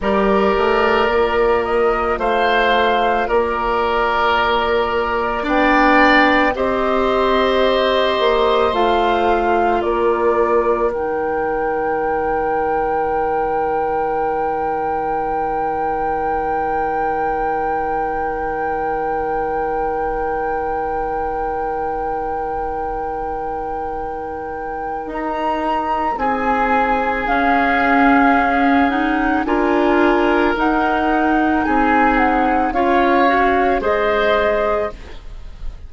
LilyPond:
<<
  \new Staff \with { instrumentName = "flute" } { \time 4/4 \tempo 4 = 55 d''4. dis''8 f''4 d''4~ | d''4 g''4 dis''2 | f''4 d''4 g''2~ | g''1~ |
g''1~ | g''2. ais''4 | gis''4 f''4. fis''8 gis''4 | fis''4 gis''8 fis''8 f''4 dis''4 | }
  \new Staff \with { instrumentName = "oboe" } { \time 4/4 ais'2 c''4 ais'4~ | ais'4 d''4 c''2~ | c''4 ais'2.~ | ais'1~ |
ais'1~ | ais'1 | gis'2. ais'4~ | ais'4 gis'4 cis''4 c''4 | }
  \new Staff \with { instrumentName = "clarinet" } { \time 4/4 g'4 f'2.~ | f'4 d'4 g'2 | f'2 dis'2~ | dis'1~ |
dis'1~ | dis'1~ | dis'4 cis'4. dis'8 f'4 | dis'2 f'8 fis'8 gis'4 | }
  \new Staff \with { instrumentName = "bassoon" } { \time 4/4 g8 a8 ais4 a4 ais4~ | ais4 b4 c'4. ais8 | a4 ais4 dis2~ | dis1~ |
dis1~ | dis2. dis'4 | c'4 cis'2 d'4 | dis'4 c'4 cis'4 gis4 | }
>>